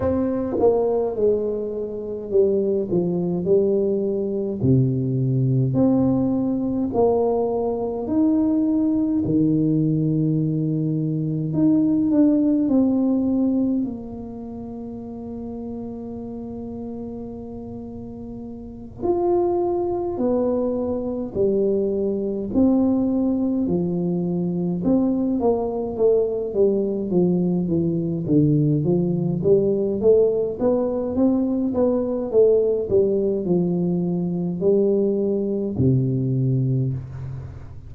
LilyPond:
\new Staff \with { instrumentName = "tuba" } { \time 4/4 \tempo 4 = 52 c'8 ais8 gis4 g8 f8 g4 | c4 c'4 ais4 dis'4 | dis2 dis'8 d'8 c'4 | ais1~ |
ais8 f'4 b4 g4 c'8~ | c'8 f4 c'8 ais8 a8 g8 f8 | e8 d8 f8 g8 a8 b8 c'8 b8 | a8 g8 f4 g4 c4 | }